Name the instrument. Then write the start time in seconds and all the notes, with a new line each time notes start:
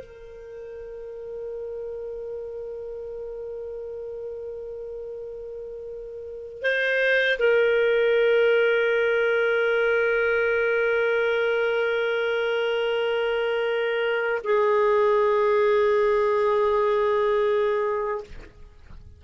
clarinet
0.00 A#4
6.62 C5
7.39 A#4
14.44 G#4